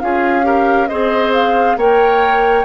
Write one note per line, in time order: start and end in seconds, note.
0.00 0.91 C#4
0.00 0.43 F4
0.00 0.46 G#4
0.00 0.88 F5
0.43 0.87 G4
0.43 0.89 A#4
0.88 1.77 C4
0.88 1.79 G#4
0.88 1.77 C5
0.88 1.32 D#5
1.34 1.78 F5
1.77 2.65 A#3
1.77 2.65 A#4
1.77 2.65 C#5
1.77 2.65 G5